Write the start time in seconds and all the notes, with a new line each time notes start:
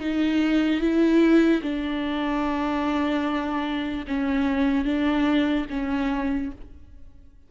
0.00 D#4
0.80 E4
1.63 D4
4.07 C#4
4.85 D4
5.70 C#4